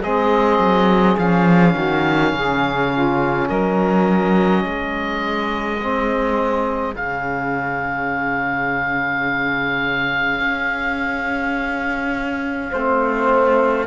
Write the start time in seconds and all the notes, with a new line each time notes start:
0.00 G#3 C4 G#4 D#5
0.58 F#3
1.17 F3 C#4 F5
1.74 D#3 F#4
2.33 C#3 G#4
2.93 F4
3.49 F#3 A#4 D#5
4.62 G#3 G#4
5.80 C4
6.94 C#3 C#4 F5
10.40 C#4
12.70 A3 C4 C5